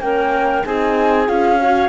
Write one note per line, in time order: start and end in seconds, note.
0.00 0.63 A#3
0.00 0.64 C#4
0.00 0.66 A#4
0.00 0.64 G5
0.65 1.29 C4
0.65 1.27 D#4
0.65 1.60 G#4
0.65 1.29 G#5
1.27 1.89 C#4
1.27 1.59 F4
1.27 1.89 F5
1.60 1.89 F#4
1.60 1.89 C#5